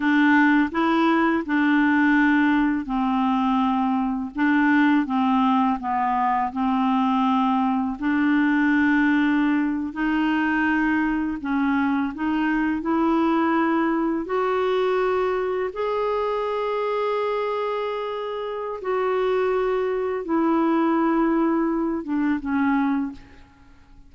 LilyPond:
\new Staff \with { instrumentName = "clarinet" } { \time 4/4 \tempo 4 = 83 d'4 e'4 d'2 | c'2 d'4 c'4 | b4 c'2 d'4~ | d'4.~ d'16 dis'2 cis'16~ |
cis'8. dis'4 e'2 fis'16~ | fis'4.~ fis'16 gis'2~ gis'16~ | gis'2 fis'2 | e'2~ e'8 d'8 cis'4 | }